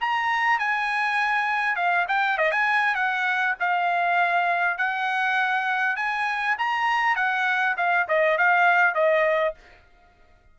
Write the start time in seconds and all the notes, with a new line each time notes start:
0.00 A#5
0.59 G#5
1.75 F5
2.08 G5
2.37 D#5
2.51 G#5
2.95 F#5
3.59 F5
4.78 F#5
5.96 G#5
6.58 A#5
7.15 F#5
7.77 F5
8.08 D#5
8.37 F5
8.94 D#5